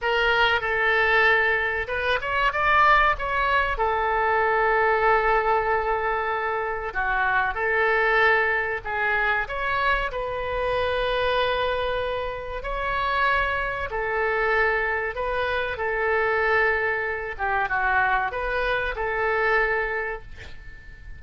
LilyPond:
\new Staff \with { instrumentName = "oboe" } { \time 4/4 \tempo 4 = 95 ais'4 a'2 b'8 cis''8 | d''4 cis''4 a'2~ | a'2. fis'4 | a'2 gis'4 cis''4 |
b'1 | cis''2 a'2 | b'4 a'2~ a'8 g'8 | fis'4 b'4 a'2 | }